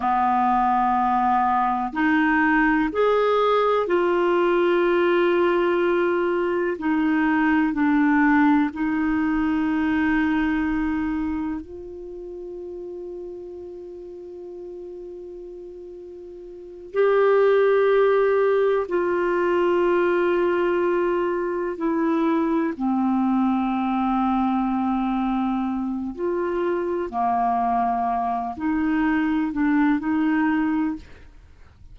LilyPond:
\new Staff \with { instrumentName = "clarinet" } { \time 4/4 \tempo 4 = 62 b2 dis'4 gis'4 | f'2. dis'4 | d'4 dis'2. | f'1~ |
f'4. g'2 f'8~ | f'2~ f'8 e'4 c'8~ | c'2. f'4 | ais4. dis'4 d'8 dis'4 | }